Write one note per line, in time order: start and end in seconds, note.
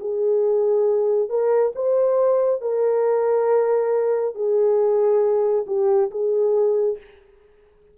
0.00 1.29 G#4
1.29 1.72 A#4
1.75 2.61 C5
2.61 4.34 A#4
4.34 5.65 G#4
5.67 6.10 G4
6.11 6.98 G#4